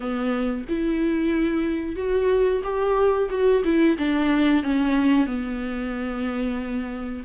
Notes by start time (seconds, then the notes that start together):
0.00 B3
0.68 E4
1.96 F#4
2.63 G4
3.30 F#4
3.64 E4
3.98 D4
4.63 C#4
5.26 B3